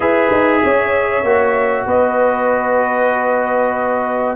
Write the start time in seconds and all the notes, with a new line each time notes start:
0.00 E4 G#4 B4 E5
0.32 D#4
0.64 C#4 C#5
1.23 A#3 F#4
1.85 B3 B4 D#5